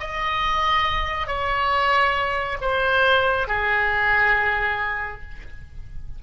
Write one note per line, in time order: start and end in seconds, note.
0.00 1.28 D#5
1.28 2.58 C#5
2.61 3.48 C5
3.48 5.22 G#4